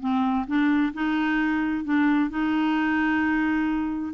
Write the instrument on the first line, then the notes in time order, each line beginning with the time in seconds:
clarinet
0.00 C4
0.47 D4
0.93 D#4
1.84 D4
2.30 D#4